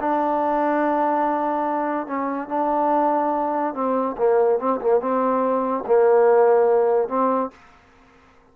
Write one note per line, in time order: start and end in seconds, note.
0.00 2.07 D4
2.07 2.48 C#4
2.48 3.74 D4
3.74 4.16 C4
4.17 4.59 A#3
4.59 4.80 C4
4.81 5.00 A#3
5.00 5.84 C4
5.86 7.08 A#3
7.08 7.50 C4